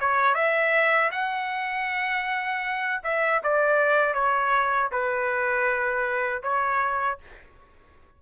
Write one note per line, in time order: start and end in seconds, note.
0.00 0.34 C#5
0.34 1.10 E5
1.11 3.01 F#5
3.03 3.41 E5
3.43 4.14 D5
4.14 4.90 C#5
4.91 6.42 B4
6.42 7.18 C#5